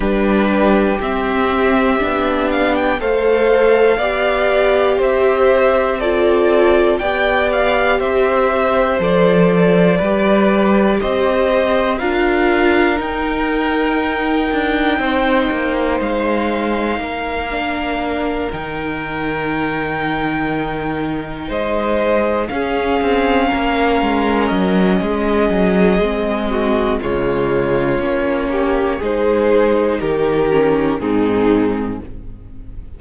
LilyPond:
<<
  \new Staff \with { instrumentName = "violin" } { \time 4/4 \tempo 4 = 60 b'4 e''4. f''16 g''16 f''4~ | f''4 e''4 d''4 g''8 f''8 | e''4 d''2 dis''4 | f''4 g''2. |
f''2~ f''8 g''4.~ | g''4. dis''4 f''4.~ | f''8 dis''2~ dis''8 cis''4~ | cis''4 c''4 ais'4 gis'4 | }
  \new Staff \with { instrumentName = "violin" } { \time 4/4 g'2. c''4 | d''4 c''4 a'4 d''4 | c''2 b'4 c''4 | ais'2. c''4~ |
c''4 ais'2.~ | ais'4. c''4 gis'4 ais'8~ | ais'4 gis'4. fis'8 f'4~ | f'8 g'8 gis'4 g'4 dis'4 | }
  \new Staff \with { instrumentName = "viola" } { \time 4/4 d'4 c'4 d'4 a'4 | g'2 f'4 g'4~ | g'4 a'4 g'2 | f'4 dis'2.~ |
dis'4. d'4 dis'4.~ | dis'2~ dis'8 cis'4.~ | cis'2 c'4 gis4 | cis'4 dis'4. cis'8 c'4 | }
  \new Staff \with { instrumentName = "cello" } { \time 4/4 g4 c'4 b4 a4 | b4 c'2 b4 | c'4 f4 g4 c'4 | d'4 dis'4. d'8 c'8 ais8 |
gis4 ais4. dis4.~ | dis4. gis4 cis'8 c'8 ais8 | gis8 fis8 gis8 fis8 gis4 cis4 | ais4 gis4 dis4 gis,4 | }
>>